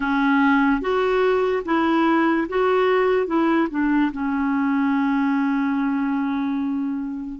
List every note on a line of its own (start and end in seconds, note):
0.00 0.81 C#4
0.81 1.63 F#4
1.65 2.47 E4
2.48 3.27 F#4
3.27 3.68 E4
3.70 4.11 D4
4.12 7.40 C#4